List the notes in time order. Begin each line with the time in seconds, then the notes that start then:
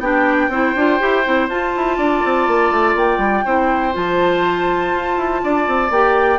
0.00 B3 D4 G4 G5
0.49 C4 E4 C5
0.75 D4 F4
0.99 E4 G4
1.24 C4 E4
1.49 F4 A5
1.76 E4
1.97 D4 D5
2.25 C4
2.47 A#3
2.71 A3
2.95 A#3 G5
3.18 G3
3.45 C4 E4 C5
3.93 F3 F4 A5
4.93 F4
5.17 E4
5.43 D4 D5
5.68 C4
5.90 A#3 G4 G5